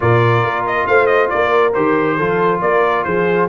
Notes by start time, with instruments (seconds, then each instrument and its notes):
0.00 tuba A#2, trombone F4, horn A#4, trumpet D5
0.43 tuba A#3
0.66 trumpet D#5
0.86 tuba A3, horn C5, trumpet F5
1.06 trumpet D#5
1.29 tuba A#3, horn A#4, trumpet D5
1.73 tuba D#3, trombone G4, trumpet C5
2.16 tuba F3, trombone F4, horn A4
2.61 tuba A#3, horn A#4, trumpet D5
3.04 tuba F3, horn G#4, trumpet C5